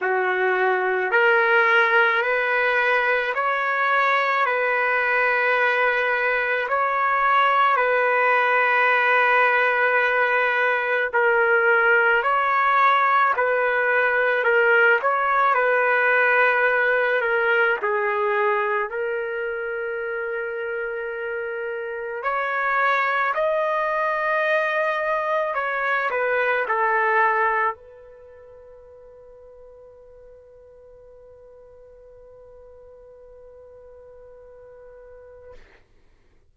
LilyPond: \new Staff \with { instrumentName = "trumpet" } { \time 4/4 \tempo 4 = 54 fis'4 ais'4 b'4 cis''4 | b'2 cis''4 b'4~ | b'2 ais'4 cis''4 | b'4 ais'8 cis''8 b'4. ais'8 |
gis'4 ais'2. | cis''4 dis''2 cis''8 b'8 | a'4 b'2.~ | b'1 | }